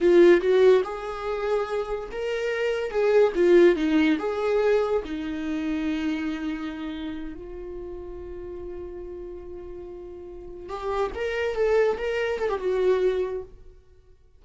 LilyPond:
\new Staff \with { instrumentName = "viola" } { \time 4/4 \tempo 4 = 143 f'4 fis'4 gis'2~ | gis'4 ais'2 gis'4 | f'4 dis'4 gis'2 | dis'1~ |
dis'4. f'2~ f'8~ | f'1~ | f'4. g'4 ais'4 a'8~ | a'8 ais'4 a'16 g'16 fis'2 | }